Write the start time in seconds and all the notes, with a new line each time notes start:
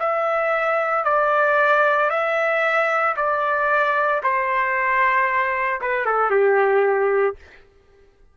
0.00 E5
1.05 D5
2.10 E5
3.16 D5
4.23 C5
5.81 B4
6.05 A4
6.31 G4